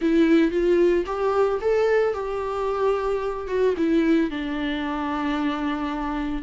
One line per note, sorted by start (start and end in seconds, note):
0.01 0.51 E4
0.51 1.04 F4
1.06 1.59 G4
1.61 2.13 A4
2.13 3.47 G4
3.47 3.74 F#4
3.77 4.30 E4
4.30 6.42 D4